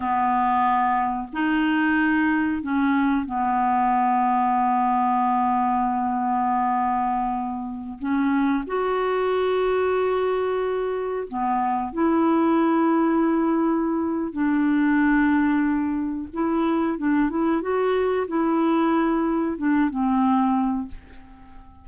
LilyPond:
\new Staff \with { instrumentName = "clarinet" } { \time 4/4 \tempo 4 = 92 b2 dis'2 | cis'4 b2.~ | b1~ | b16 cis'4 fis'2~ fis'8.~ |
fis'4~ fis'16 b4 e'4.~ e'16~ | e'2 d'2~ | d'4 e'4 d'8 e'8 fis'4 | e'2 d'8 c'4. | }